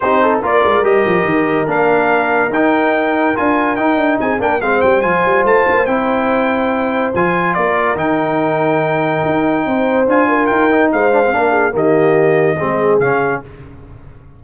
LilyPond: <<
  \new Staff \with { instrumentName = "trumpet" } { \time 4/4 \tempo 4 = 143 c''4 d''4 dis''2 | f''2 g''2 | gis''4 g''4 gis''8 g''8 f''8 g''8 | gis''4 a''4 g''2~ |
g''4 gis''4 d''4 g''4~ | g''1 | gis''4 g''4 f''2 | dis''2. f''4 | }
  \new Staff \with { instrumentName = "horn" } { \time 4/4 g'8 a'8 ais'2.~ | ais'1~ | ais'2 gis'8 ais'8 c''4~ | c''1~ |
c''2 ais'2~ | ais'2. c''4~ | c''8 ais'4. c''4 ais'8 gis'8 | g'2 gis'2 | }
  \new Staff \with { instrumentName = "trombone" } { \time 4/4 dis'4 f'4 g'2 | d'2 dis'2 | f'4 dis'4. d'8 c'4 | f'2 e'2~ |
e'4 f'2 dis'4~ | dis'1 | f'4. dis'4 d'16 c'16 d'4 | ais2 c'4 cis'4 | }
  \new Staff \with { instrumentName = "tuba" } { \time 4/4 c'4 ais8 gis8 g8 f8 dis4 | ais2 dis'2 | d'4 dis'8 d'8 c'8 ais8 gis8 g8 | f8 g8 a8 ais8 c'2~ |
c'4 f4 ais4 dis4~ | dis2 dis'4 c'4 | d'4 dis'4 gis4 ais4 | dis2 gis4 cis4 | }
>>